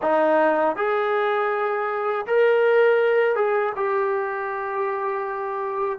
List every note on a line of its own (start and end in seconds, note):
0.02 0.76 D#4
0.76 2.26 G#4
2.26 3.35 A#4
3.35 3.73 G#4
3.75 5.99 G4